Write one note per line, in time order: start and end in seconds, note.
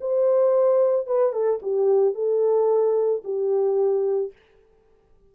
0.00 1.06 C5
1.06 1.32 B4
1.32 1.59 A4
1.62 2.14 G4
2.14 3.22 A4
3.24 4.32 G4